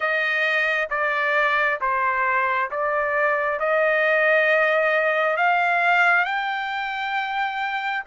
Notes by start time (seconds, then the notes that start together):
0.00 D#5
0.90 D5
1.80 C5
2.71 D5
3.59 D#5
5.36 F5
6.24 G5